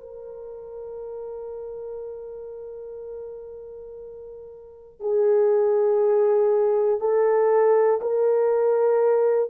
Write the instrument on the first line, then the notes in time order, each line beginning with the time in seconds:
horn
0.00 A#4
5.00 G#4
7.00 A4
8.01 A#4